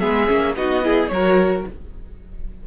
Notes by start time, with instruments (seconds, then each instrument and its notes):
0.00 cello G#3, viola B3, violin G#4 E5
0.27 cello A#3, viola C#4
0.55 cello B3, viola D#4, violin F#4 D#5
0.82 viola E4, violin G#4
1.08 cello F#3, viola F#4, violin A#4 C#5